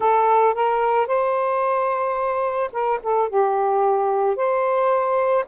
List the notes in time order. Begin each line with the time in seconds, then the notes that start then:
0.00 A4
0.54 A#4
1.06 C5
2.72 A#4
3.02 A4
3.29 G4
4.35 C5